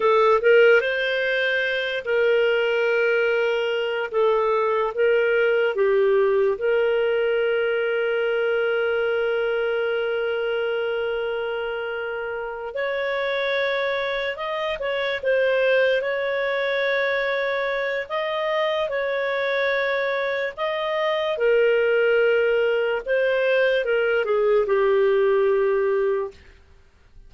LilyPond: \new Staff \with { instrumentName = "clarinet" } { \time 4/4 \tempo 4 = 73 a'8 ais'8 c''4. ais'4.~ | ais'4 a'4 ais'4 g'4 | ais'1~ | ais'2.~ ais'8 cis''8~ |
cis''4. dis''8 cis''8 c''4 cis''8~ | cis''2 dis''4 cis''4~ | cis''4 dis''4 ais'2 | c''4 ais'8 gis'8 g'2 | }